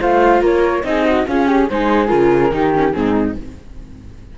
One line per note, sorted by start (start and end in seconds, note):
0.00 0.42 A3
0.00 0.84 F4
0.00 0.42 C5
0.00 0.44 F5
0.42 0.84 A#3
0.42 0.84 A#4
0.42 0.85 C#5
0.84 1.26 C4
0.84 1.26 D#4
0.84 1.05 G#4
0.84 1.27 D#5
1.05 1.26 F#4
1.27 1.69 C#4
1.27 1.70 C#4
1.27 1.47 F4
1.27 1.70 G#4
1.47 1.68 G4
1.70 2.12 G#3
1.70 2.08 D#4
1.70 2.54 G#4
1.70 2.08 C5
2.08 2.52 C#3
2.08 2.50 F4
2.08 2.92 A#4
2.52 2.94 D#3
2.52 2.74 D#4
2.52 2.96 G4
2.75 2.94 C#4
2.92 3.38 G#2
2.92 3.36 C4
2.92 3.38 D#4
2.92 3.34 G#4